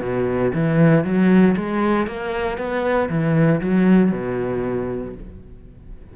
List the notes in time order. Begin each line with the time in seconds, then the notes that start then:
0.00 B2
0.53 E3
1.04 F#3
1.56 G#3
2.07 A#3
2.58 B3
3.09 E3
3.61 F#3
4.11 B2